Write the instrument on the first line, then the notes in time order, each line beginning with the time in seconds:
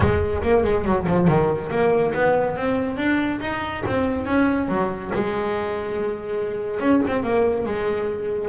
double bass
0.00 G#3
0.42 A#3
0.63 G#3
0.85 F#3
1.07 F3
1.27 D#3
1.70 A#3
2.14 B3
2.56 C4
2.97 D4
3.40 D#4
3.86 C4
4.25 C#4
4.68 F#3
5.14 G#3
6.80 C#4
7.07 C4
7.23 A#3
7.65 G#3